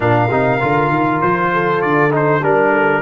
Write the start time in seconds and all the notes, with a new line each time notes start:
0.00 A#2 D4 A#4 F5
0.31 C3 D#4
0.60 D3 F4
0.89 D#3
1.21 F3 C5
1.52 A4
1.81 D3 D5
2.10 D#4 C5
2.42 G3 D4 A#4
2.70 A4